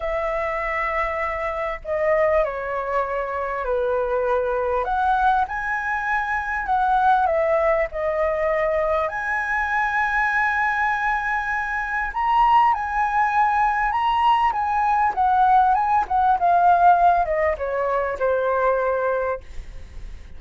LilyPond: \new Staff \with { instrumentName = "flute" } { \time 4/4 \tempo 4 = 99 e''2. dis''4 | cis''2 b'2 | fis''4 gis''2 fis''4 | e''4 dis''2 gis''4~ |
gis''1 | ais''4 gis''2 ais''4 | gis''4 fis''4 gis''8 fis''8 f''4~ | f''8 dis''8 cis''4 c''2 | }